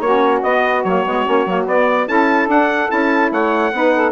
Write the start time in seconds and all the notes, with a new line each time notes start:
0.00 A#3 C#4 F#4 C#5
0.43 B3 D#5
0.84 F#3 A#3 C#5
1.06 G#3 B3
1.26 A#3 C#4
1.46 F#3 A#3
1.66 B3 D5
2.08 C#4 E4 A4 A5
2.47 D4 F#5
2.88 C#4 E4 A5
3.31 A3 C#5 F#5
3.72 B3 D#4 B4
3.94 A4